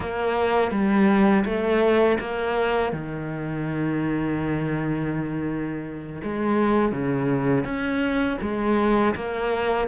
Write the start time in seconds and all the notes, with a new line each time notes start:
0.00 A#3
0.71 G3
1.45 A3
2.20 A#3
2.92 D#3
6.23 G#3
6.92 C#3
7.64 C#4
8.41 G#3
9.15 A#3